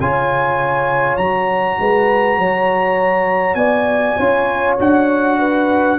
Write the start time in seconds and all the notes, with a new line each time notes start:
0.00 C#3 F4 C#5 G#5
1.17 F#3 F#4 A#5
1.79 G#3 B4
2.38 F#3 C#5
3.55 B3 D5 G#5
4.17 C#4 F4 C#5
4.79 D4 F#4 F#5
5.38 B4